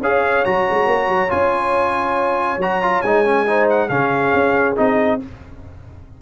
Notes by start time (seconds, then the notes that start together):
0.00 C#4 G#4 C#5 F5
0.45 F#3 F#4 A#5
0.70 G#3
0.86 A#3
1.08 F#3
1.29 C#4 F4 G#5
2.58 F#3 F#4 A#5
2.82 F4
3.02 G#3 D#4 G#5
3.25 C#4
3.47 D#4 C5
3.69 F#5
3.89 C#3 C#4 G#4 F5
4.34 C#4
4.76 C4 D#4 D#5